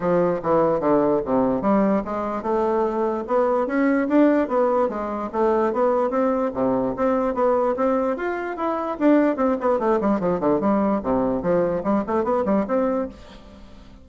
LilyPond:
\new Staff \with { instrumentName = "bassoon" } { \time 4/4 \tempo 4 = 147 f4 e4 d4 c4 | g4 gis4 a2 | b4 cis'4 d'4 b4 | gis4 a4 b4 c'4 |
c4 c'4 b4 c'4 | f'4 e'4 d'4 c'8 b8 | a8 g8 f8 d8 g4 c4 | f4 g8 a8 b8 g8 c'4 | }